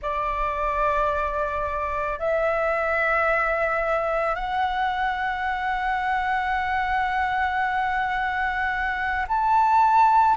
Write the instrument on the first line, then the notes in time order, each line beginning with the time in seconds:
flute
0.01 D5
2.19 E5
4.35 F#5
9.27 A5